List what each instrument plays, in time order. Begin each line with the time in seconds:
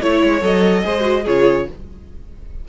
0.00 cello A3, viola E4, violin C#5
0.23 cello G#3
0.41 cello F#3, viola A4, violin D#5
0.83 cello G#3, viola G#4, violin C5
1.01 viola F#4
1.24 cello C#3, viola F4, violin G#4 C#5